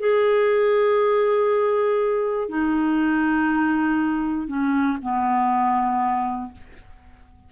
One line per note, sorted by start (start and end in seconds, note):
0.00 2.49 G#4
2.49 4.48 D#4
4.48 4.98 C#4
5.02 6.52 B3